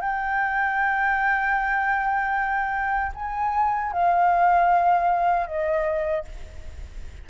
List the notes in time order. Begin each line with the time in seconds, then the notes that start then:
0.00 G5
3.14 G#5
3.92 F5
5.47 D#5